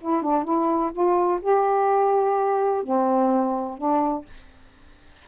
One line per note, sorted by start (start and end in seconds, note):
0.00 0.22 E4
0.22 0.44 D4
0.44 0.91 E4
0.92 1.40 F4
1.41 2.83 G4
2.83 3.77 C4
3.77 4.25 D4